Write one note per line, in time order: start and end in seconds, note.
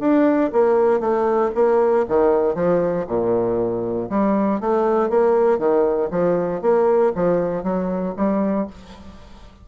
0.00 0.51 D4
0.52 1.00 A#3
1.00 1.51 A3
1.55 2.06 A#3
2.09 2.55 D#3
2.55 3.06 F3
3.08 4.09 A#2
4.10 4.61 G3
4.61 5.10 A3
5.10 5.58 A#3
5.58 6.09 D#3
6.11 6.62 F3
6.62 7.13 A#3
7.15 7.64 F3
7.64 8.14 F#3
8.17 8.67 G3